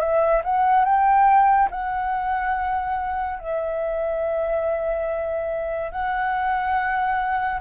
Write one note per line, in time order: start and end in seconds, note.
0.00 0.42 E5
0.44 0.85 F#5
0.85 1.70 G5
1.71 3.40 F#5
3.40 5.92 E5
5.92 7.61 F#5